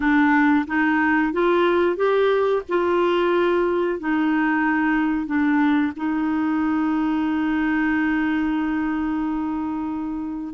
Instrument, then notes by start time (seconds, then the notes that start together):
clarinet
0.00 D4
0.67 D#4
1.32 F4
1.96 G4
2.68 F4
3.99 D#4
5.26 D4
5.96 D#4